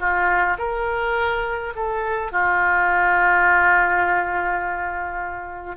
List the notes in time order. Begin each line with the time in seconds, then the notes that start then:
0.00 F4
0.58 A#4
1.76 A4
2.32 F4